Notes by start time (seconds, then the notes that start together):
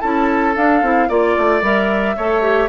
0.00 C#4 E4 A4 A5
0.56 D4 F5
0.81 C4 E4
1.09 A#3 F4 D5
1.37 A3
1.62 G3 A#4 E5
2.17 A3 A4 C#5
2.42 G4